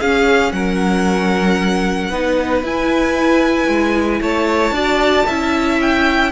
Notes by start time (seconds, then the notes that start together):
0.00 C#4 G#4 F5
0.52 F#3 A#4 F#5
2.10 B3 D#4 B4
2.63 E4 G#5
3.67 G#3
4.21 A3 C#5 A5
4.71 D4 F#4 D5
5.26 C#4 E4 E5
5.81 G5